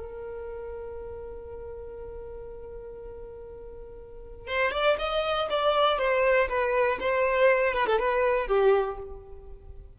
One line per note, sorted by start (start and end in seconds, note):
0.00 4.47 A#4
4.47 4.72 C5
4.72 4.97 D5
4.99 5.49 D#5
5.50 5.99 D5
5.99 6.49 C5
6.49 6.99 B4
7.00 7.74 C5
7.74 7.87 B4
7.87 7.99 A4
8.00 8.48 B4
8.48 8.98 G4